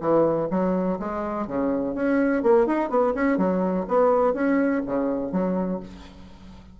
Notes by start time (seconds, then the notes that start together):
0.00 E3
0.50 F#3
0.99 G#3
1.47 C#3
1.95 C#4
2.43 A#3
2.66 D#4
2.90 B3
3.14 C#4
3.38 F#3
3.88 B3
4.33 C#4
4.86 C#3
5.32 F#3